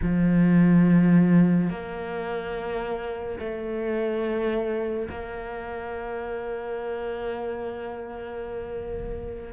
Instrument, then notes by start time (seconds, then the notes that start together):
cello
0.02 F3
1.69 A#3
3.39 A3
5.10 A#3